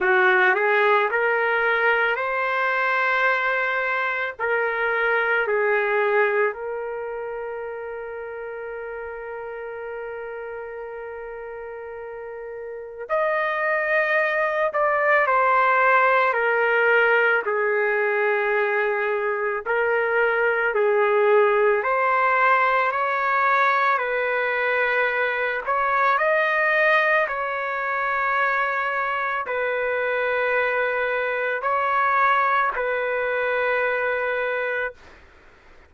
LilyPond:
\new Staff \with { instrumentName = "trumpet" } { \time 4/4 \tempo 4 = 55 fis'8 gis'8 ais'4 c''2 | ais'4 gis'4 ais'2~ | ais'1 | dis''4. d''8 c''4 ais'4 |
gis'2 ais'4 gis'4 | c''4 cis''4 b'4. cis''8 | dis''4 cis''2 b'4~ | b'4 cis''4 b'2 | }